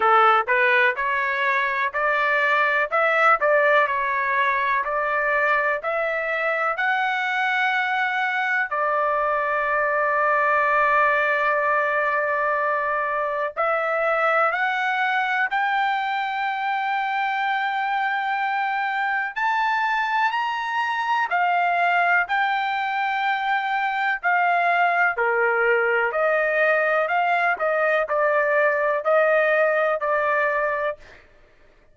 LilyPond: \new Staff \with { instrumentName = "trumpet" } { \time 4/4 \tempo 4 = 62 a'8 b'8 cis''4 d''4 e''8 d''8 | cis''4 d''4 e''4 fis''4~ | fis''4 d''2.~ | d''2 e''4 fis''4 |
g''1 | a''4 ais''4 f''4 g''4~ | g''4 f''4 ais'4 dis''4 | f''8 dis''8 d''4 dis''4 d''4 | }